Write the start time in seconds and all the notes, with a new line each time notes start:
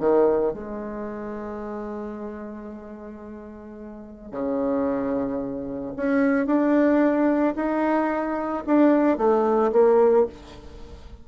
0.00 D#3
0.54 G#3
4.32 C#3
5.97 C#4
6.47 D4
7.56 D#4
8.67 D4
9.18 A3
9.72 A#3